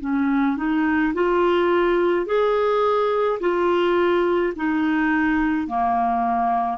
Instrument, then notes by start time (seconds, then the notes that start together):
clarinet
0.00 C#4
0.57 D#4
1.14 F4
2.26 G#4
3.40 F4
4.56 D#4
5.68 A#3